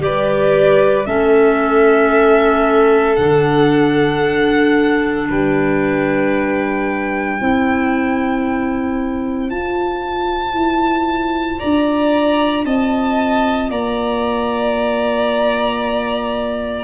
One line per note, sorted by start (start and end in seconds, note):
0.00 1.07 G3
0.00 1.05 G4
0.00 1.07 B4
0.00 1.06 D5
1.06 3.18 A3
1.06 3.16 C#4
1.06 5.28 A4
1.06 3.16 E5
3.16 5.29 D3
3.16 7.39 D4
3.16 5.26 F#5
5.29 7.40 G3
5.29 7.39 B4
5.29 9.50 G5
7.39 9.50 C4
7.39 9.50 E4
7.39 11.59 C5
9.50 16.84 F4
9.50 10.53 F4
9.50 11.59 A5
10.53 11.58 E4
11.59 12.65 D4
11.59 12.65 D5
11.59 12.64 A#5
12.65 13.70 C4
12.65 13.70 D#5
12.65 13.70 A5
13.70 16.84 A#3
13.70 16.84 D5
13.70 16.84 A#5